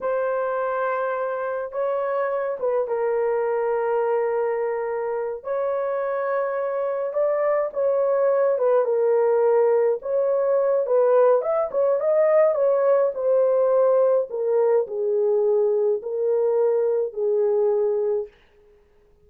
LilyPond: \new Staff \with { instrumentName = "horn" } { \time 4/4 \tempo 4 = 105 c''2. cis''4~ | cis''8 b'8 ais'2.~ | ais'4. cis''2~ cis''8~ | cis''8 d''4 cis''4. b'8 ais'8~ |
ais'4. cis''4. b'4 | e''8 cis''8 dis''4 cis''4 c''4~ | c''4 ais'4 gis'2 | ais'2 gis'2 | }